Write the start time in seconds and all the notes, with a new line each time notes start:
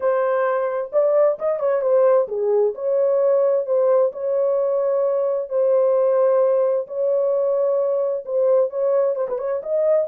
0.00 C5
0.92 D5
1.38 D#5
1.59 C#5
1.81 C5
2.28 G#4
2.74 C#5
3.66 C5
4.12 C#5
5.49 C5
6.87 C#5
8.25 C5
8.70 C#5
9.15 C5
9.28 B4
9.38 C#5
9.62 D#5